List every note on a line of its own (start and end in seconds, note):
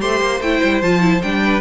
0.00 0.20 A3
0.00 0.40 G4
0.00 1.41 C5
0.00 0.41 C6
0.20 0.40 A#3
0.40 0.60 A3
0.40 0.83 E4
0.40 0.81 G5
0.64 0.82 G3
0.81 1.22 F3
0.81 1.00 F4
0.81 1.21 A5
1.00 1.20 E4
1.22 1.61 G3
1.22 1.61 D4
1.22 1.61 G5
1.44 1.61 B4